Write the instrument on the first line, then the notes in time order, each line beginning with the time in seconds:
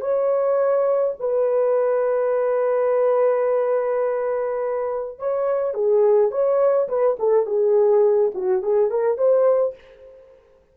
horn
0.00 C#5
1.19 B4
5.18 C#5
5.74 G#4
6.31 C#5
6.88 B4
7.19 A4
7.46 G#4
8.34 F#4
8.62 G#4
8.90 A#4
9.18 C5